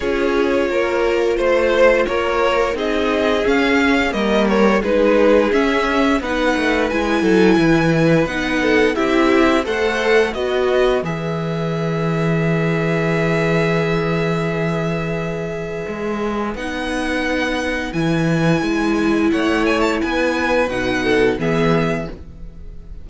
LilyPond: <<
  \new Staff \with { instrumentName = "violin" } { \time 4/4 \tempo 4 = 87 cis''2 c''4 cis''4 | dis''4 f''4 dis''8 cis''8 b'4 | e''4 fis''4 gis''2 | fis''4 e''4 fis''4 dis''4 |
e''1~ | e''1 | fis''2 gis''2 | fis''8 gis''16 a''16 gis''4 fis''4 e''4 | }
  \new Staff \with { instrumentName = "violin" } { \time 4/4 gis'4 ais'4 c''4 ais'4 | gis'2 ais'4 gis'4~ | gis'4 b'4. a'8 b'4~ | b'8 a'8 g'4 c''4 b'4~ |
b'1~ | b'1~ | b'1 | cis''4 b'4. a'8 gis'4 | }
  \new Staff \with { instrumentName = "viola" } { \time 4/4 f'1 | dis'4 cis'4 ais4 dis'4 | cis'4 dis'4 e'2 | dis'4 e'4 a'4 fis'4 |
gis'1~ | gis'1 | dis'2 e'2~ | e'2 dis'4 b4 | }
  \new Staff \with { instrumentName = "cello" } { \time 4/4 cis'4 ais4 a4 ais4 | c'4 cis'4 g4 gis4 | cis'4 b8 a8 gis8 fis8 e4 | b4 c'4 a4 b4 |
e1~ | e2. gis4 | b2 e4 gis4 | a4 b4 b,4 e4 | }
>>